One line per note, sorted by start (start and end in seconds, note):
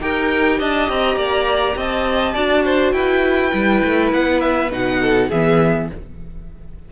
0.00 0.59 D#4
0.00 2.34 G4
0.00 0.59 A#4
0.00 0.60 G5
0.59 0.88 D4
0.59 1.17 D#5
0.59 0.90 A5
0.88 1.16 C4
0.88 1.78 A#5
1.16 1.75 A#3
1.16 1.76 D5
1.75 2.34 C4
1.75 2.34 D#5
1.75 2.91 A5
2.34 2.92 D4
2.34 3.51 F#4
2.34 2.63 D5
2.64 2.93 C5
2.91 3.51 E4
2.91 5.00 B4
2.91 4.09 G5
3.51 3.82 G3
3.51 4.69 E4
3.84 4.12 A3
4.12 4.71 B3
4.12 4.40 F#5
4.40 4.69 E5
4.71 5.30 B2
4.71 5.30 D#4
4.71 5.30 F#5
5.00 5.29 A4
5.29 5.90 E3
5.29 5.92 B3
5.29 5.88 G#4
5.29 5.89 E5